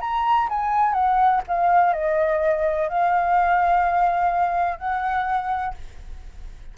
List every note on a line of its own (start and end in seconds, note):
0.00 0.48 A#5
0.49 0.93 G#5
0.93 1.41 F#5
1.47 1.93 F5
1.93 2.88 D#5
2.88 4.78 F5
4.78 5.74 F#5